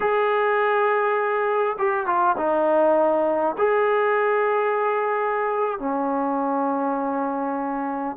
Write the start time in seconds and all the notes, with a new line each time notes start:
0.00 G#4
1.78 G4
2.06 F4
2.37 D#4
3.58 G#4
5.79 C#4